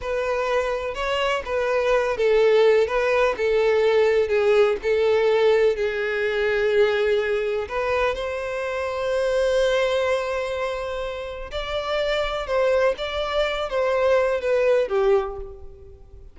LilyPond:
\new Staff \with { instrumentName = "violin" } { \time 4/4 \tempo 4 = 125 b'2 cis''4 b'4~ | b'8 a'4. b'4 a'4~ | a'4 gis'4 a'2 | gis'1 |
b'4 c''2.~ | c''1 | d''2 c''4 d''4~ | d''8 c''4. b'4 g'4 | }